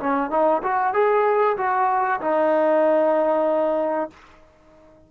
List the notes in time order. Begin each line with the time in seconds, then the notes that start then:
0.00 C#4
0.31 D#4
0.63 F#4
0.94 G#4
1.58 F#4
2.21 D#4